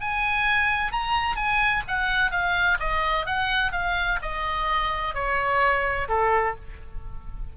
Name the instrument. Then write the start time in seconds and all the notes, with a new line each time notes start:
oboe
0.00 G#5
0.92 A#5
1.36 G#5
1.87 F#5
2.31 F5
2.80 D#5
3.26 F#5
3.72 F5
4.22 D#5
5.14 C#5
6.08 A4